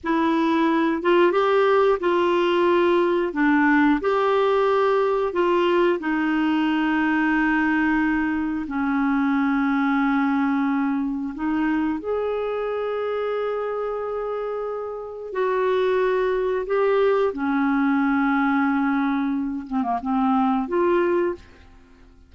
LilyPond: \new Staff \with { instrumentName = "clarinet" } { \time 4/4 \tempo 4 = 90 e'4. f'8 g'4 f'4~ | f'4 d'4 g'2 | f'4 dis'2.~ | dis'4 cis'2.~ |
cis'4 dis'4 gis'2~ | gis'2. fis'4~ | fis'4 g'4 cis'2~ | cis'4. c'16 ais16 c'4 f'4 | }